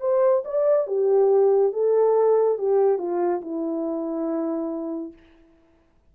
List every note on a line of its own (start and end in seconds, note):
0.00 0.43 C5
0.44 0.86 D5
0.86 1.72 G4
1.72 2.58 A4
2.58 2.98 G4
2.98 3.41 F4
3.41 5.12 E4